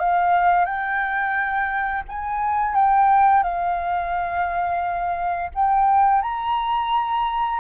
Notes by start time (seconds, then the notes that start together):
0.00 F5
0.66 G5
2.09 G#5
2.76 G5
3.44 F5
5.55 G5
6.23 A#5